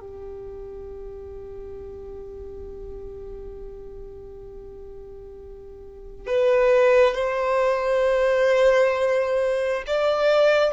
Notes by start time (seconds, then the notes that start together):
0.00 G4
6.26 B4
7.14 C5
9.86 D5